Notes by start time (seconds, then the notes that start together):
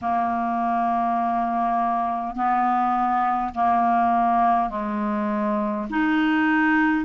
0.01 A#3
2.35 B3
3.54 A#3
4.69 G#3
5.89 D#4